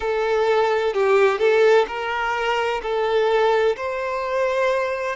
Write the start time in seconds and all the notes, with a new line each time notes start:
0.00 A4
0.93 G4
1.38 A4
1.87 A#4
2.82 A4
3.76 C5